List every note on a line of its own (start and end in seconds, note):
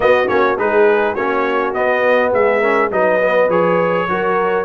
0.00 0.27 B3
0.00 0.28 B3
0.00 0.59 F#4
0.00 0.28 D#5
0.27 0.58 A#3
0.27 0.56 C#4
0.27 0.57 C#5
0.58 1.16 G#3
0.58 1.16 D#4
0.58 1.14 G#4
0.58 1.15 B4
1.14 1.74 A#3
1.14 1.74 C#4
1.14 2.30 F#4
1.14 1.73 C#5
1.73 2.61 B3
1.73 2.33 B3
1.73 2.32 D#5
2.33 2.91 G#3
2.33 2.60 G#4
2.33 2.91 E5
2.60 2.91 C#4
2.60 2.89 A#4
2.91 3.48 F#3
2.91 3.21 D#4
2.91 4.09 B4
2.91 3.50 D#5
3.21 3.49 B3
3.48 4.06 F3
3.48 4.07 G#4
3.48 4.64 C#5
4.08 4.64 F#3
4.08 4.64 F#4
4.08 4.64 A#4